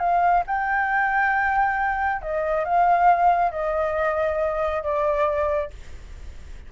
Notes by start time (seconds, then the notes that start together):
0.00 F5
0.47 G5
2.22 D#5
2.65 F5
3.52 D#5
4.83 D5